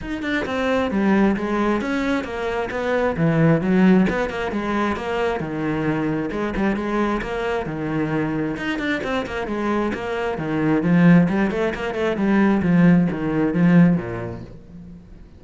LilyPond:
\new Staff \with { instrumentName = "cello" } { \time 4/4 \tempo 4 = 133 dis'8 d'8 c'4 g4 gis4 | cis'4 ais4 b4 e4 | fis4 b8 ais8 gis4 ais4 | dis2 gis8 g8 gis4 |
ais4 dis2 dis'8 d'8 | c'8 ais8 gis4 ais4 dis4 | f4 g8 a8 ais8 a8 g4 | f4 dis4 f4 ais,4 | }